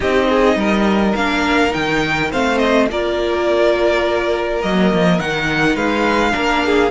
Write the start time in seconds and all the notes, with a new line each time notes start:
0.00 C4 D#4 G4 D#5
0.29 G#4
0.56 G3 A#4
1.15 A#3 D4 F5
1.70 D#3 D#4 G5
2.31 A3 C4 C5 F5
2.58 D#5
2.90 A#3 F4 A#4 D5
4.61 F#3 A#3 D#5
4.92 F3
5.19 D#3 D#4 F#5
5.74 G#3 B4 F5
6.31 A#3 D4 A#4
6.65 G#4